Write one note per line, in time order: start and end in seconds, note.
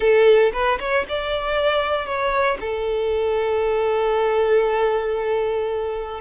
0.00 0.52 A4
0.52 0.78 B4
0.79 1.05 C#5
1.08 2.05 D5
2.05 2.57 C#5
2.60 6.20 A4